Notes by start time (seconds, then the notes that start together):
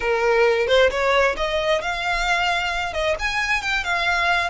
0.00 A#4
0.67 C5
0.90 C#5
1.37 D#5
1.81 F5
2.93 D#5
3.19 G#5
3.62 G5
3.84 F5